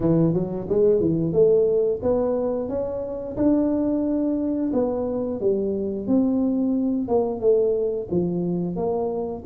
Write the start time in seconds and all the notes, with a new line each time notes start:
0.00 E3
0.33 F#3
0.69 G#3
1.00 E3
1.32 A3
2.02 B3
2.68 C#4
3.36 D4
4.73 B3
5.40 G3
6.07 C4
7.08 A#3
7.40 A3
8.10 F3
8.75 A#3